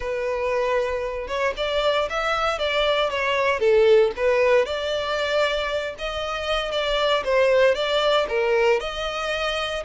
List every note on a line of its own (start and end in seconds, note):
0.00 1.27 B4
1.27 1.53 C#5
1.57 2.08 D5
2.09 2.58 E5
2.58 3.09 D5
3.09 3.59 C#5
3.59 4.11 A4
4.16 4.65 B4
4.65 5.95 D5
5.98 6.71 D#5
6.71 7.23 D5
7.24 7.74 C5
7.74 8.26 D5
8.28 8.80 A#4
8.80 9.83 D#5